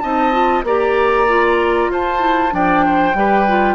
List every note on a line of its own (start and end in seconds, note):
0.00 0.64 C4
0.00 0.32 D#4
0.00 0.65 D#5
0.00 0.62 A5
0.32 0.64 F4
0.64 1.89 A#3
0.64 1.28 G4
0.64 1.92 D5
0.64 1.92 A#5
1.28 2.19 F4
1.90 2.52 F4
1.90 2.54 C5
1.90 2.55 A5
2.19 2.50 E4
2.51 3.14 F3
2.51 3.14 D4
2.51 2.85 D5
2.51 3.75 G5
2.85 3.17 C5
3.14 3.75 G3
3.14 3.47 G4
3.14 3.75 B4
3.48 3.75 F4